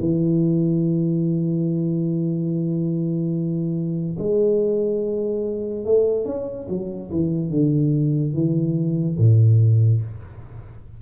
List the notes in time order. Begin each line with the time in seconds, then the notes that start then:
0.00 E3
4.19 G#3
5.84 A3
6.25 C#4
6.69 F#3
7.10 E3
7.50 D3
8.33 E3
9.18 A2